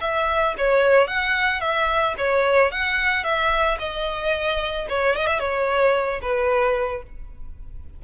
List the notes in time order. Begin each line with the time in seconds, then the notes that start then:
0.00 E5
0.57 C#5
1.07 F#5
1.60 E5
2.18 C#5
2.71 F#5
3.23 E5
3.78 D#5
4.89 C#5
5.15 D#5
5.26 E5
5.39 C#5
6.21 B4